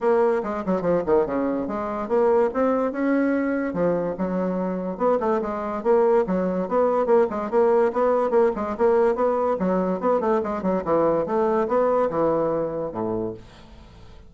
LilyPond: \new Staff \with { instrumentName = "bassoon" } { \time 4/4 \tempo 4 = 144 ais4 gis8 fis8 f8 dis8 cis4 | gis4 ais4 c'4 cis'4~ | cis'4 f4 fis2 | b8 a8 gis4 ais4 fis4 |
b4 ais8 gis8 ais4 b4 | ais8 gis8 ais4 b4 fis4 | b8 a8 gis8 fis8 e4 a4 | b4 e2 a,4 | }